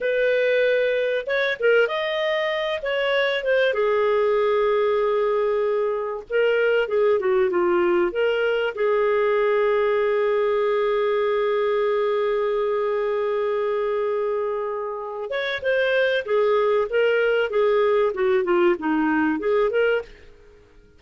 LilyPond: \new Staff \with { instrumentName = "clarinet" } { \time 4/4 \tempo 4 = 96 b'2 cis''8 ais'8 dis''4~ | dis''8 cis''4 c''8 gis'2~ | gis'2 ais'4 gis'8 fis'8 | f'4 ais'4 gis'2~ |
gis'1~ | gis'1~ | gis'8 cis''8 c''4 gis'4 ais'4 | gis'4 fis'8 f'8 dis'4 gis'8 ais'8 | }